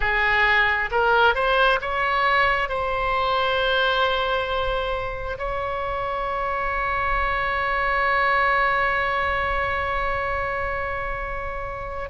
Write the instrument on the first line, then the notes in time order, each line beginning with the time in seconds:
oboe
0.00 G#4
0.91 A#4
1.34 C5
1.81 C#5
2.69 C5
5.38 C#5